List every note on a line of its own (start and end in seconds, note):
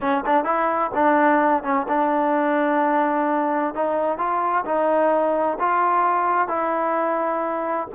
0.00 0.24 C#4
0.26 0.44 D4
0.44 0.91 E4
0.94 1.63 D4
1.63 1.86 C#4
1.88 3.74 D4
3.74 4.18 D#4
4.18 4.64 F4
4.65 5.58 D#4
5.59 6.48 F4
6.48 7.87 E4